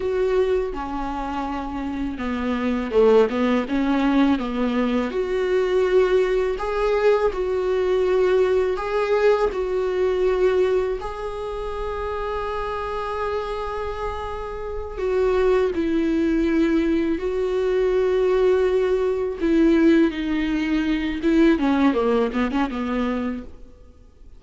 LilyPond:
\new Staff \with { instrumentName = "viola" } { \time 4/4 \tempo 4 = 82 fis'4 cis'2 b4 | a8 b8 cis'4 b4 fis'4~ | fis'4 gis'4 fis'2 | gis'4 fis'2 gis'4~ |
gis'1~ | gis'8 fis'4 e'2 fis'8~ | fis'2~ fis'8 e'4 dis'8~ | dis'4 e'8 cis'8 ais8 b16 cis'16 b4 | }